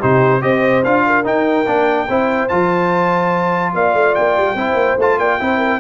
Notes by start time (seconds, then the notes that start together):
0.00 C3 D#4 G4 C5
0.41 C4 G4 C5 D#5
0.84 D4 F4 F5
1.07 A#4
1.24 D#4 G5
1.66 A#3 D4
2.09 C4 E4 C5
2.48 F3 F4 A5
3.74 A#3 D5 F5
3.94 A3
4.15 A#3 G5
4.37 G3
4.55 C4 E4 C5
4.74 A#3
4.98 A3 F4 A5
5.18 A#3 D5 G5
5.40 C4 E4 C5
5.58 A#4